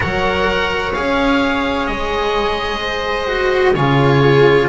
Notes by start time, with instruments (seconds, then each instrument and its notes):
0.00 double bass F#3, cello A#4, viola C#5, oboe F#5
0.93 double bass C#4, cello G#4, oboe F5
1.86 double bass G#3, oboe D#5
2.79 viola C5
3.27 cello F#4
3.74 double bass C#3, cello F4, viola G#4, oboe C#5